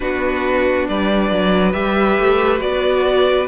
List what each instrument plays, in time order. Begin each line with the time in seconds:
0.00 cello B3, viola D4, violin F#4 B4
0.88 cello G3, violin B4 D5
1.31 cello F#3
1.72 cello G3, viola G4, violin E5
2.18 cello A3
2.59 cello B3, viola F#4, violin D5